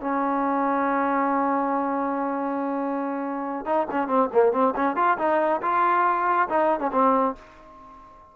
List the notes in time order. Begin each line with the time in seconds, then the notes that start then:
0.00 C#4
3.65 D#4
3.90 C#4
4.08 C4
4.32 A#3
4.52 C4
4.75 C#4
4.96 F4
5.18 D#4
5.62 F4
6.48 D#4
6.80 C#4
6.92 C4